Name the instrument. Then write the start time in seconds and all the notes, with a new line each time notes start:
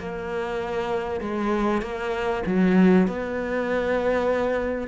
cello
0.00 A#3
1.21 G#3
1.82 A#3
2.47 F#3
3.08 B3